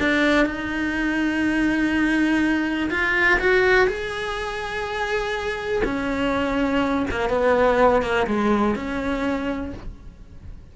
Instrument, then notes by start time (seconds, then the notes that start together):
cello
0.00 D4
0.46 D#4
2.91 F4
3.40 F#4
3.88 G#4
5.85 C#4
7.11 A#3
7.30 B3
8.03 A#3
8.27 G#3
8.76 C#4